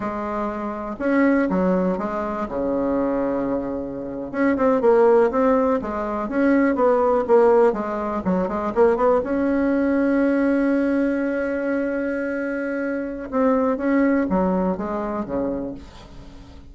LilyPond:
\new Staff \with { instrumentName = "bassoon" } { \time 4/4 \tempo 4 = 122 gis2 cis'4 fis4 | gis4 cis2.~ | cis8. cis'8 c'8 ais4 c'4 gis16~ | gis8. cis'4 b4 ais4 gis16~ |
gis8. fis8 gis8 ais8 b8 cis'4~ cis'16~ | cis'1~ | cis'2. c'4 | cis'4 fis4 gis4 cis4 | }